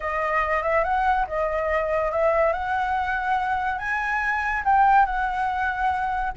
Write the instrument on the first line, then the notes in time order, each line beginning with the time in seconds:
flute
0.00 D#5
0.62 E5
0.83 F#5
1.27 D#5
2.11 E5
2.52 F#5
3.78 G#5
4.64 G5
5.05 F#5